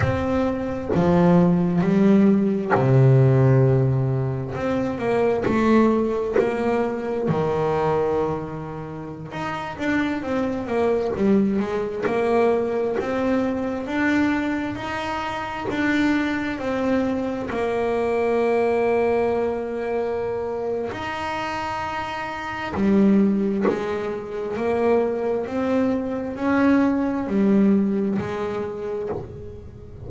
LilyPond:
\new Staff \with { instrumentName = "double bass" } { \time 4/4 \tempo 4 = 66 c'4 f4 g4 c4~ | c4 c'8 ais8 a4 ais4 | dis2~ dis16 dis'8 d'8 c'8 ais16~ | ais16 g8 gis8 ais4 c'4 d'8.~ |
d'16 dis'4 d'4 c'4 ais8.~ | ais2. dis'4~ | dis'4 g4 gis4 ais4 | c'4 cis'4 g4 gis4 | }